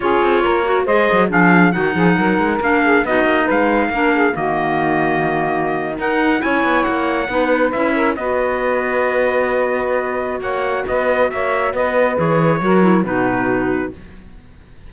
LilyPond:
<<
  \new Staff \with { instrumentName = "trumpet" } { \time 4/4 \tempo 4 = 138 cis''2 dis''4 f''4 | fis''2 f''4 dis''4 | f''2 dis''2~ | dis''4.~ dis''16 fis''4 gis''4 fis''16~ |
fis''4.~ fis''16 e''4 dis''4~ dis''16~ | dis''1 | fis''4 dis''4 e''4 dis''4 | cis''2 b'2 | }
  \new Staff \with { instrumentName = "saxophone" } { \time 4/4 gis'4 ais'4 c''4 gis'4 | fis'8 gis'8 ais'4. gis'8 fis'4 | b'4 ais'8 gis'8 fis'2~ | fis'4.~ fis'16 ais'4 cis''4~ cis''16~ |
cis''8. b'4. ais'8 b'4~ b'16~ | b'1 | cis''4 b'4 cis''4 b'4~ | b'4 ais'4 fis'2 | }
  \new Staff \with { instrumentName = "clarinet" } { \time 4/4 f'4. fis'8 gis'4 d'4 | dis'2 d'4 dis'4~ | dis'4 d'4 ais2~ | ais4.~ ais16 dis'4 e'4~ e'16~ |
e'8. dis'4 e'4 fis'4~ fis'16~ | fis'1~ | fis'1 | gis'4 fis'8 e'8 dis'2 | }
  \new Staff \with { instrumentName = "cello" } { \time 4/4 cis'8 c'8 ais4 gis8 fis8 f4 | dis8 f8 fis8 gis8 ais4 b8 ais8 | gis4 ais4 dis2~ | dis4.~ dis16 dis'4 cis'8 b8 ais16~ |
ais8. b4 cis'4 b4~ b16~ | b1 | ais4 b4 ais4 b4 | e4 fis4 b,2 | }
>>